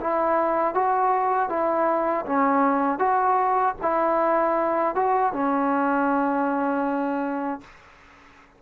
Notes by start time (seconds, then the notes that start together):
0.00 E4
0.74 F#4
1.49 E4
2.25 C#4
2.99 F#4
3.82 E4
4.95 F#4
5.33 C#4